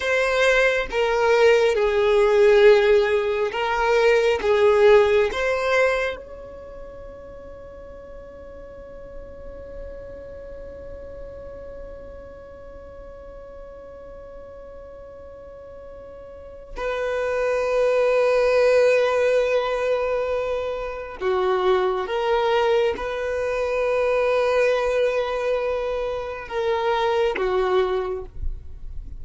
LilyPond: \new Staff \with { instrumentName = "violin" } { \time 4/4 \tempo 4 = 68 c''4 ais'4 gis'2 | ais'4 gis'4 c''4 cis''4~ | cis''1~ | cis''1~ |
cis''2. b'4~ | b'1 | fis'4 ais'4 b'2~ | b'2 ais'4 fis'4 | }